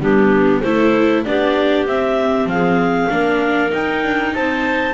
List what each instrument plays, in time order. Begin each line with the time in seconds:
0.00 double bass G3, viola B3, clarinet D4 G4
0.61 double bass A3, viola E4, clarinet A4 C5
1.25 double bass B3, viola D4, clarinet G4 D5
1.86 double bass C4, viola C4, clarinet E5
2.46 double bass F3, clarinet G#4 F5
3.10 double bass A#3, viola D4, clarinet A#4
3.70 viola D#4, double bass D#4, clarinet G5
4.03 double bass D4
4.34 double bass C4, clarinet C5 A5